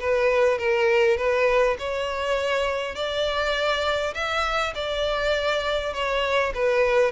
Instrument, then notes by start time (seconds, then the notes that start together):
violin
0.00 B4
0.59 A#4
1.17 B4
1.79 C#5
2.95 D5
4.14 E5
4.75 D5
5.94 C#5
6.55 B4